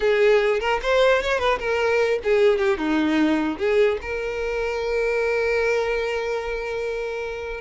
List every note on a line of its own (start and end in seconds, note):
0.00 0.60 G#4
0.60 0.80 A#4
0.82 1.22 C5
1.22 1.38 C#5
1.38 1.58 B4
1.59 2.19 A#4
2.23 2.58 G#4
2.58 2.77 G4
2.77 3.57 D#4
3.58 3.98 G#4
4.01 7.61 A#4